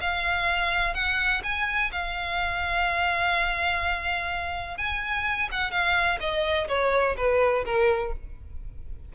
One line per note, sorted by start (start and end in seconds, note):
0.00 0.94 F5
0.94 1.41 F#5
1.43 1.90 G#5
1.92 4.77 F5
4.77 5.49 G#5
5.51 5.70 F#5
5.70 6.18 F5
6.20 6.68 D#5
6.68 7.16 C#5
7.17 7.65 B4
7.65 8.12 A#4